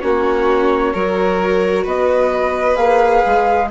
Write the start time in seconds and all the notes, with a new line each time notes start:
0.00 A#3 C#4 F#4 C#5
0.93 F#3 F#4 A#4
1.84 B3 B4 D#5
2.75 A#3 G#4 F5
3.26 G#3